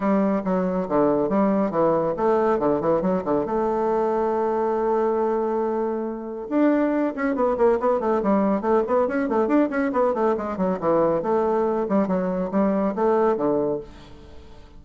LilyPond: \new Staff \with { instrumentName = "bassoon" } { \time 4/4 \tempo 4 = 139 g4 fis4 d4 g4 | e4 a4 d8 e8 fis8 d8 | a1~ | a2. d'4~ |
d'8 cis'8 b8 ais8 b8 a8 g4 | a8 b8 cis'8 a8 d'8 cis'8 b8 a8 | gis8 fis8 e4 a4. g8 | fis4 g4 a4 d4 | }